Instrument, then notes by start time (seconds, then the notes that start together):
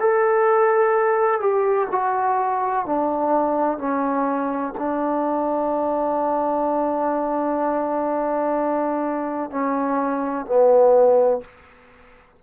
trombone
0.00 A4
1.40 G4
1.91 F#4
2.86 D4
3.78 C#4
4.78 D4
9.51 C#4
10.46 B3